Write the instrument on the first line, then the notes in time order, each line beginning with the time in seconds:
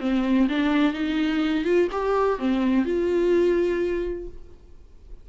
viola
0.00 C4
0.49 D4
0.93 D#4
1.64 F4
1.91 G4
2.39 C4
2.85 F4